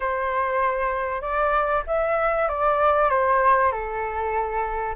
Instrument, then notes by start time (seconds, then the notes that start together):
flute
0.00 C5
1.21 D5
1.86 E5
2.48 D5
3.09 C5
3.71 A4